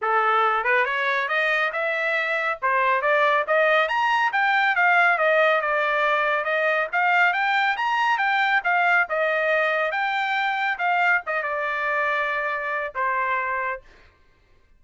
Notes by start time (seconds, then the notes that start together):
0.01 A4
0.64 B4
0.85 C#5
1.28 D#5
1.72 E5
2.62 C5
3.01 D5
3.47 D#5
3.88 A#5
4.32 G5
4.75 F5
5.18 D#5
5.61 D5
6.44 D#5
6.92 F5
7.33 G5
7.77 A#5
8.18 G5
8.64 F5
9.09 D#5
9.91 G5
10.78 F5
11.26 D#5
11.43 D5
12.95 C5